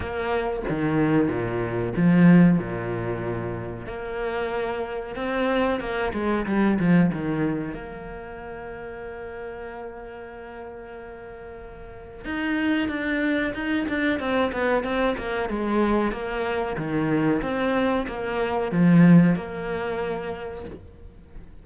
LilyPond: \new Staff \with { instrumentName = "cello" } { \time 4/4 \tempo 4 = 93 ais4 dis4 ais,4 f4 | ais,2 ais2 | c'4 ais8 gis8 g8 f8 dis4 | ais1~ |
ais2. dis'4 | d'4 dis'8 d'8 c'8 b8 c'8 ais8 | gis4 ais4 dis4 c'4 | ais4 f4 ais2 | }